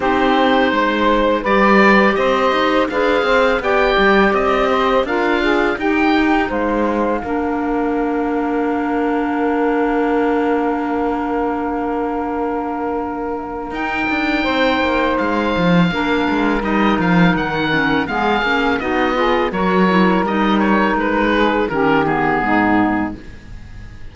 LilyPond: <<
  \new Staff \with { instrumentName = "oboe" } { \time 4/4 \tempo 4 = 83 c''2 d''4 dis''4 | f''4 g''4 dis''4 f''4 | g''4 f''2.~ | f''1~ |
f''2. g''4~ | g''4 f''2 dis''8 f''8 | fis''4 f''4 dis''4 cis''4 | dis''8 cis''8 b'4 ais'8 gis'4. | }
  \new Staff \with { instrumentName = "saxophone" } { \time 4/4 g'4 c''4 b'4 c''4 | b'8 c''8 d''4. c''8 ais'8 gis'8 | g'4 c''4 ais'2~ | ais'1~ |
ais'1 | c''2 ais'2~ | ais'4 gis'4 fis'8 gis'8 ais'4~ | ais'4. gis'8 g'4 dis'4 | }
  \new Staff \with { instrumentName = "clarinet" } { \time 4/4 dis'2 g'2 | gis'4 g'2 f'4 | dis'2 d'2~ | d'1~ |
d'2. dis'4~ | dis'2 d'4 dis'4~ | dis'8 cis'8 b8 cis'8 dis'8 f'8 fis'8 e'8 | dis'2 cis'8 b4. | }
  \new Staff \with { instrumentName = "cello" } { \time 4/4 c'4 gis4 g4 c'8 dis'8 | d'8 c'8 b8 g8 c'4 d'4 | dis'4 gis4 ais2~ | ais1~ |
ais2. dis'8 d'8 | c'8 ais8 gis8 f8 ais8 gis8 g8 f8 | dis4 gis8 ais8 b4 fis4 | g4 gis4 dis4 gis,4 | }
>>